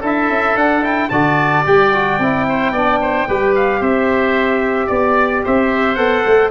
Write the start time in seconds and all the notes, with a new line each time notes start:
0.00 D4 E4 A4 E5
0.29 C#4
0.55 D4 F#5
0.82 E4 G5
1.09 D3 F#4 D5 A5
1.65 G3 G4 G5
1.93 F#4
2.18 C4 E4
2.48 C5
2.72 B3 D4 D5
3.01 C5
3.28 G3 G4 B4
3.55 F5
3.80 C4 C5 E5
4.86 B3 D5
5.44 C4 C5 E5
5.95 B3 A4 F#5
6.26 A3